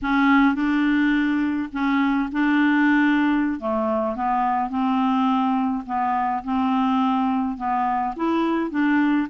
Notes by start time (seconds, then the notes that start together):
0.02 C#4
0.55 D4
1.72 C#4
2.32 D4
3.59 A3
4.15 B3
4.69 C4
5.86 B3
6.43 C4
7.57 B3
8.16 E4
8.70 D4